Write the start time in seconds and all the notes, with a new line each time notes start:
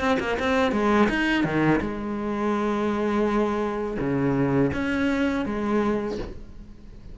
0.00 C4
0.19 A#3
0.39 C4
0.72 G#3
1.09 D#4
1.44 D#3
1.81 G#3
3.99 C#3
4.73 C#4
5.46 G#3